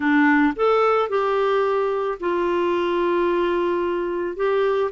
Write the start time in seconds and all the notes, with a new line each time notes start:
0.00 D4
0.56 A4
1.09 G4
2.20 F4
4.36 G4